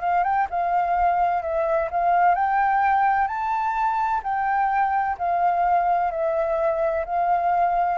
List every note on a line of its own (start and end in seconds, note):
0.00 0.23 F5
0.23 0.47 G5
0.50 1.42 F5
1.42 1.89 E5
1.90 2.34 F5
2.34 3.27 G5
3.27 4.21 A5
4.23 5.16 G5
5.17 6.11 F5
6.11 7.04 E5
7.05 7.98 F5